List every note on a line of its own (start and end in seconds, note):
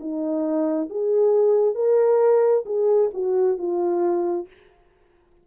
0.00 0.90 D#4
0.90 1.75 G#4
1.75 2.64 A#4
2.65 3.10 G#4
3.14 3.58 F#4
3.58 4.47 F4